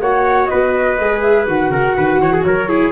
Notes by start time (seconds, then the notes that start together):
0.00 A#3 F#4 C#5 F#5
0.46 B4 D#5
0.53 B3
0.99 G#3 G#4
1.22 E5
1.47 D#3 F#4 F#5
1.69 C#3 A#4
1.97 D#3 B4
2.19 E3 C#5
2.33 G#4
2.43 F#3 A#4 C#5
2.68 E4 G#4